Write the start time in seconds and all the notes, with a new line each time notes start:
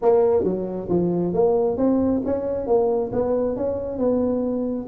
0.02 A#3
0.43 F#3
0.89 F3
1.33 A#3
1.77 C4
2.25 C#4
2.66 A#3
3.12 B3
3.56 C#4
3.98 B3